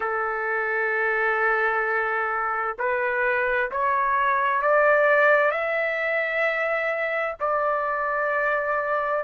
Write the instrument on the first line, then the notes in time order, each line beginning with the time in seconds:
trumpet
0.00 A4
2.78 B4
3.71 C#5
4.62 D5
5.51 E5
7.40 D5